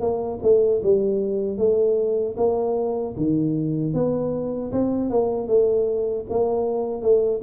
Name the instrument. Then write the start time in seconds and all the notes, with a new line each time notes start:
tuba
0.00 A#3
0.42 A3
0.83 G3
1.57 A3
2.37 A#3
3.17 D#3
3.93 B3
4.72 C4
5.10 A#3
5.47 A3
6.29 A#3
7.01 A3